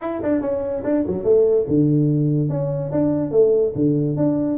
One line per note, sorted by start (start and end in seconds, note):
0.01 0.21 E4
0.22 0.41 D4
0.41 0.83 C#4
0.84 1.04 D4
1.07 1.24 F#3
1.24 1.65 A3
1.68 2.49 D3
2.49 2.90 C#4
2.91 3.31 D4
3.31 3.73 A3
3.75 4.16 D3
4.16 4.58 D4